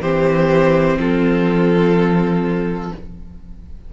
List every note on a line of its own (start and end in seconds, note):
0.00 0.97 E3
0.00 2.93 C4
0.00 0.98 G4
0.00 0.98 C5
0.98 2.91 F3
0.98 2.93 F4
0.98 2.93 A4